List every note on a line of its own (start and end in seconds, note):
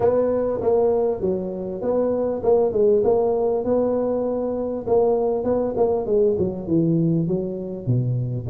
0.00 0.60 B3
0.61 1.21 A#3
1.21 1.81 F#3
1.81 2.42 B3
2.43 2.72 A#3
2.72 3.02 G#3
3.04 3.64 A#3
3.64 4.85 B3
4.86 5.44 A#3
5.44 5.74 B3
5.76 6.06 A#3
6.06 6.36 G#3
6.38 6.67 F#3
6.67 7.27 E3
7.27 7.86 F#3
7.86 8.47 B2